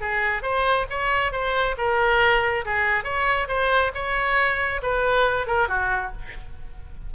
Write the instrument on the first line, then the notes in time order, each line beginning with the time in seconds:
oboe
0.00 G#4
0.42 C5
0.90 C#5
1.32 C5
1.77 A#4
2.65 G#4
3.04 C#5
3.48 C5
3.94 C#5
4.82 B4
5.46 A#4
5.68 F#4